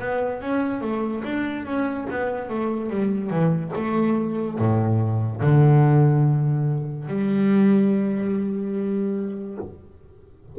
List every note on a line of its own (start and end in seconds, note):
0.00 0.41 B3
0.41 0.81 C#4
0.81 1.23 A3
1.25 1.66 D4
1.66 2.07 C#4
2.10 2.50 B3
2.50 2.90 A3
2.90 3.31 G3
3.31 3.72 E3
3.75 4.59 A3
4.59 5.42 A2
5.42 7.08 D3
7.08 9.58 G3